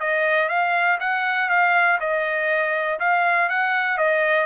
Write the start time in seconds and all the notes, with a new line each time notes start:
0.00 D#5
0.49 F5
1.00 F#5
1.49 F5
2.00 D#5
3.00 F5
3.49 F#5
3.97 D#5